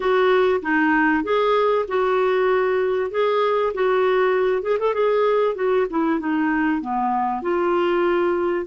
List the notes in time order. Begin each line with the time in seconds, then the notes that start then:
0.00 F#4
0.62 D#4
1.23 G#4
1.88 F#4
3.10 G#4
3.73 F#4
4.62 G#4
4.79 A4
4.94 G#4
5.55 F#4
5.90 E4
6.19 D#4
6.81 B3
7.42 F4